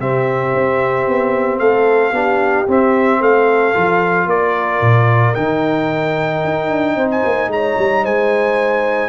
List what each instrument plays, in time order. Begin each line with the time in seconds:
0.00 tuba C3, trombone C4, horn G4, trumpet E5
0.55 tuba C4
1.08 tuba B3
1.59 tuba A3, horn A4, trumpet F5
2.13 tuba B3, trombone D4, horn G4
2.68 trombone C4, tuba C4, trumpet E5
3.21 tuba A3, horn A4, trumpet F5
3.75 tuba F3, trombone F4
4.27 tuba A#3, horn A#4, trumpet D5
4.82 tuba A#2
5.35 tuba D#3, trombone D#4, trumpet G5
6.44 tuba D#4
6.71 tuba D4
6.96 tuba C4, horn C5
7.11 trumpet G#5
7.25 tuba A#3
7.48 tuba G#3, horn C#5, trumpet A#5
7.78 tuba G3
8.03 tuba G#3, horn C5, trumpet G#5